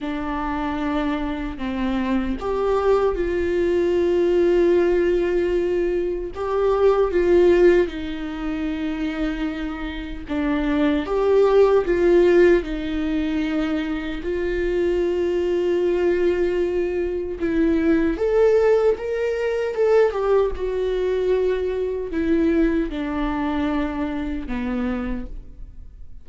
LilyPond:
\new Staff \with { instrumentName = "viola" } { \time 4/4 \tempo 4 = 76 d'2 c'4 g'4 | f'1 | g'4 f'4 dis'2~ | dis'4 d'4 g'4 f'4 |
dis'2 f'2~ | f'2 e'4 a'4 | ais'4 a'8 g'8 fis'2 | e'4 d'2 b4 | }